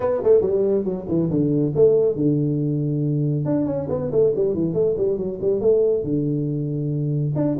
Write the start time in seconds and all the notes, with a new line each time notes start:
0.00 B3
0.23 A3
0.41 G3
0.84 F#3
1.08 E3
1.30 D3
1.75 A3
2.15 D3
3.45 D4
3.66 C#4
3.89 B3
4.11 A3
4.35 G3
4.53 E3
4.73 A3
4.97 G3
5.17 F#3
5.41 G3
5.61 A3
6.03 D3
7.35 D4